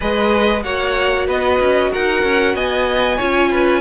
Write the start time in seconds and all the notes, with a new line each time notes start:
0.00 G#3 G#4 B4 D#5
0.62 A#3 F#4 C#5 F#5
1.26 B3 B4 D#5
1.59 C#4
1.91 D#4 A#4 F#5
2.23 C#4
2.54 B3 D#5 G#5
3.17 C#4 F4 C#5
3.50 B4